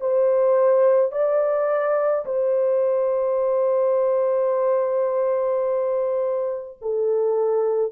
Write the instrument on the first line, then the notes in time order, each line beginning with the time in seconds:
horn
0.00 C5
1.12 D5
2.25 C5
6.81 A4